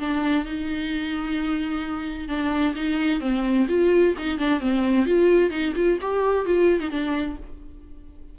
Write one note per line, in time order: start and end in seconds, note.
0.00 0.46 D4
0.46 2.29 D#4
2.29 2.75 D4
2.75 3.21 D#4
3.21 3.67 C4
3.69 4.15 F4
4.18 4.39 D#4
4.39 4.61 D4
4.61 5.06 C4
5.06 5.51 F4
5.51 5.74 D#4
5.76 5.99 F4
6.02 6.46 G4
6.46 6.81 F4
6.81 6.91 D#4
6.91 7.37 D4